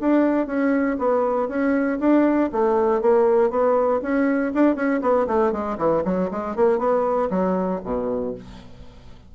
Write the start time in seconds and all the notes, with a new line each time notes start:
0.00 D4
0.47 C#4
0.98 B3
1.48 C#4
1.99 D4
2.52 A3
3.01 A#3
3.50 B3
4.02 C#4
4.54 D4
4.75 C#4
5.01 B3
5.27 A3
5.52 G#3
5.78 E3
6.04 F#3
6.30 G#3
6.55 A#3
6.78 B3
7.30 F#3
7.84 B2